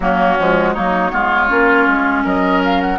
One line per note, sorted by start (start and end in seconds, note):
0.00 0.37 F#3
0.00 0.38 A#3
0.00 0.73 C#4
0.00 0.73 F#4
0.38 0.76 F3
0.38 0.76 G#3
0.73 1.12 F#3
0.73 1.10 A#3
0.73 1.11 D#4
0.73 2.23 C#5
1.10 1.50 G#3
1.10 1.48 B3
1.10 2.24 F4
1.48 1.87 A#3
1.48 2.98 C#4
1.87 2.24 G#3
2.24 2.98 F#3
2.24 2.98 A#4
2.24 2.62 D#5
2.64 2.80 F5
2.80 2.98 F#5